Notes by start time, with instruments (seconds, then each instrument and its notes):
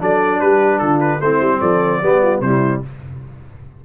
0.00 tuba F#3, trombone D4, horn A4, trumpet D5
0.40 tuba G3, horn G4, trumpet B4
0.79 tuba D3, horn F4, trumpet A4
1.01 trumpet B4
1.21 tuba A3, trombone C4, horn E4, trumpet C5
1.41 tuba G3
1.61 tuba F3, horn A4, trumpet D5
2.02 tuba G3, trombone B3, horn G4
2.23 horn F4
2.41 tuba C3, trombone G3, horn E4, trumpet C5